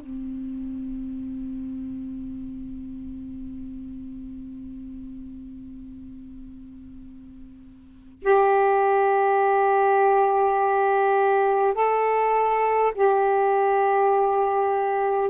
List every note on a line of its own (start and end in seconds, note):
0.00 8.22 C4
8.22 11.74 G4
11.74 12.92 A4
12.95 15.30 G4